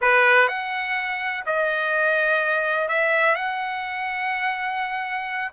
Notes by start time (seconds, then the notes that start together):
0.01 B4
0.48 F#5
1.45 D#5
2.88 E5
3.35 F#5